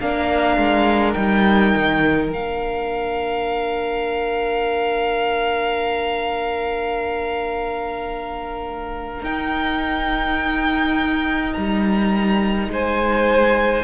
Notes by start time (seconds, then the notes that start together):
0.00 A#3 D4 A#4 F5
0.57 G#3
1.12 G3 D#4 G5
1.75 D#3
2.29 A#3 D4 F5
9.22 D#4 G5
11.53 G3 A#5
12.68 G#3 C5 G#5